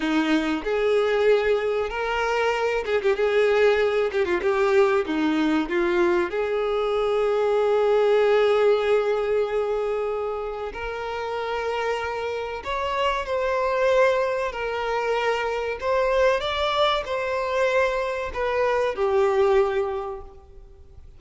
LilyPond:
\new Staff \with { instrumentName = "violin" } { \time 4/4 \tempo 4 = 95 dis'4 gis'2 ais'4~ | ais'8 gis'16 g'16 gis'4. g'16 f'16 g'4 | dis'4 f'4 gis'2~ | gis'1~ |
gis'4 ais'2. | cis''4 c''2 ais'4~ | ais'4 c''4 d''4 c''4~ | c''4 b'4 g'2 | }